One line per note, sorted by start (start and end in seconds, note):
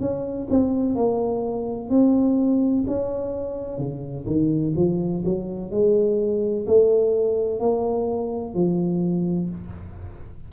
0.00 0.48 C#4
0.50 0.96 C4
0.96 1.90 A#3
1.90 2.85 C4
2.88 3.78 C#4
3.78 4.26 C#3
4.27 4.74 D#3
4.76 5.24 F3
5.25 5.71 F#3
5.71 6.66 G#3
6.67 7.60 A3
7.60 8.55 A#3
8.55 9.50 F3